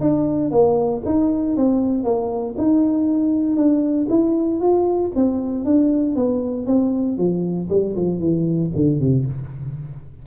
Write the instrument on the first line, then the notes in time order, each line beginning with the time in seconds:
tuba
0.00 D4
0.51 A#3
1.05 D#4
1.56 C4
2.03 A#3
2.57 D#4
3.56 D4
4.09 E4
4.60 F4
5.15 C4
5.65 D4
6.15 B3
6.66 C4
7.17 F3
7.69 G3
7.96 F3
8.19 E3
8.75 D3
8.99 C3